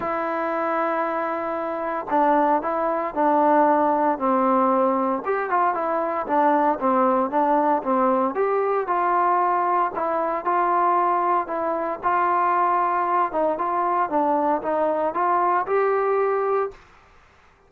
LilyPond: \new Staff \with { instrumentName = "trombone" } { \time 4/4 \tempo 4 = 115 e'1 | d'4 e'4 d'2 | c'2 g'8 f'8 e'4 | d'4 c'4 d'4 c'4 |
g'4 f'2 e'4 | f'2 e'4 f'4~ | f'4. dis'8 f'4 d'4 | dis'4 f'4 g'2 | }